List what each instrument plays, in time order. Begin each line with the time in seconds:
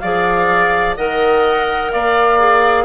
0.00 bassoon F3, clarinet G#4, oboe D5, flute F5
0.97 bassoon D#3, clarinet A#4, oboe D#5, flute F#5
1.92 bassoon A#3, oboe D5, flute F5
2.39 clarinet G#4